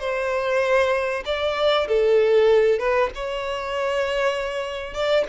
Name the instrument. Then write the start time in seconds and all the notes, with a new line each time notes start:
violin
0.00 C5
1.26 D5
1.88 A4
2.79 B4
3.15 C#5
4.94 D5